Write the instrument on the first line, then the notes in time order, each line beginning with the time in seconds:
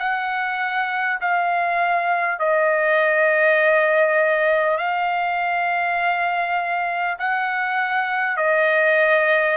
trumpet
0.00 F#5
1.22 F5
2.39 D#5
4.78 F5
7.19 F#5
8.37 D#5